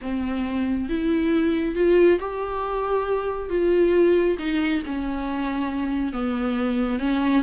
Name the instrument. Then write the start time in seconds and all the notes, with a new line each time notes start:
viola
0.01 C4
0.89 E4
1.75 F4
2.19 G4
3.49 F4
4.38 D#4
4.86 C#4
6.13 B3
6.99 C#4